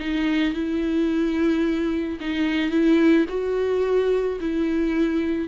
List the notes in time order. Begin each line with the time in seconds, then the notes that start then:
0.00 D#4
0.54 E4
2.21 D#4
2.71 E4
3.29 F#4
4.41 E4